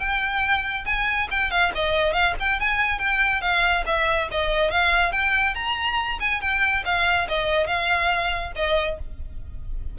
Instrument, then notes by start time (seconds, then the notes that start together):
violin
0.00 G5
0.86 G#5
1.31 G5
1.51 F5
1.75 D#5
2.14 F5
2.40 G5
2.61 G#5
2.99 G5
3.42 F5
3.86 E5
4.32 D#5
4.71 F5
5.12 G5
5.55 A#5
6.21 G#5
6.41 G5
6.85 F5
7.29 D#5
7.67 F5
8.56 D#5